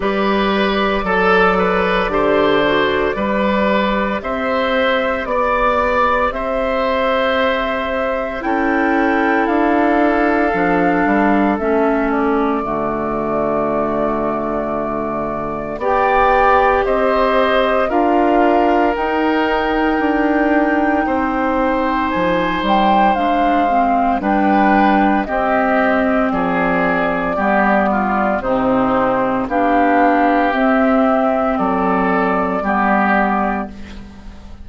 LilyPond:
<<
  \new Staff \with { instrumentName = "flute" } { \time 4/4 \tempo 4 = 57 d''1 | e''4 d''4 e''2 | g''4 f''2 e''8 d''8~ | d''2. g''4 |
dis''4 f''4 g''2~ | g''4 gis''8 g''8 f''4 g''4 | dis''4 d''2 c''4 | f''4 e''4 d''2 | }
  \new Staff \with { instrumentName = "oboe" } { \time 4/4 b'4 a'8 b'8 c''4 b'4 | c''4 d''4 c''2 | a'1 | fis'2. d''4 |
c''4 ais'2. | c''2. b'4 | g'4 gis'4 g'8 f'8 dis'4 | g'2 a'4 g'4 | }
  \new Staff \with { instrumentName = "clarinet" } { \time 4/4 g'4 a'4 g'8 fis'8 g'4~ | g'1 | e'2 d'4 cis'4 | a2. g'4~ |
g'4 f'4 dis'2~ | dis'2 d'8 c'8 d'4 | c'2 b4 c'4 | d'4 c'2 b4 | }
  \new Staff \with { instrumentName = "bassoon" } { \time 4/4 g4 fis4 d4 g4 | c'4 b4 c'2 | cis'4 d'4 f8 g8 a4 | d2. b4 |
c'4 d'4 dis'4 d'4 | c'4 f8 g8 gis4 g4 | c'4 f4 g4 c4 | b4 c'4 fis4 g4 | }
>>